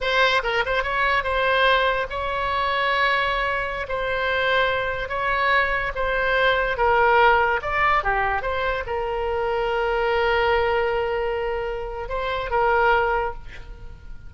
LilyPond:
\new Staff \with { instrumentName = "oboe" } { \time 4/4 \tempo 4 = 144 c''4 ais'8 c''8 cis''4 c''4~ | c''4 cis''2.~ | cis''4~ cis''16 c''2~ c''8.~ | c''16 cis''2 c''4.~ c''16~ |
c''16 ais'2 d''4 g'8.~ | g'16 c''4 ais'2~ ais'8.~ | ais'1~ | ais'4 c''4 ais'2 | }